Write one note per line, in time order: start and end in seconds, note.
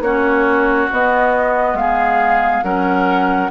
0.00 0.87 A#3
0.00 0.91 C#4
0.00 1.78 F#4
0.00 0.89 C#5
0.92 2.64 B3
0.92 1.74 B3
0.92 1.76 D#5
1.74 2.61 G#3
1.74 2.63 F5
1.80 2.64 G#4
2.63 3.50 F#3
2.63 3.50 C#4
2.63 3.50 A#4
2.63 3.50 F#5